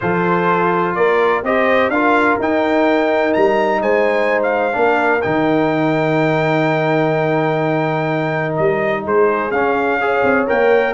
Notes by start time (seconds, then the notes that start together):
0.00 F3 F4 A4 C5
0.95 A#3 A#4 D5
1.43 C4 G4 C5 D#5
1.88 D4 F4 A#4 F5
2.39 D#4 G5
3.33 G3 A#5
3.81 G#3 C5 G#5
4.42 F5
4.72 A#3 D4
4.78 A#4
5.21 D#3 D#4 G5
8.56 G3 D#5
9.03 G#3 G#4 C5
9.51 C#4 F5
10.00 G#4 C#5
10.23 C4
10.47 A#3 A#4 G5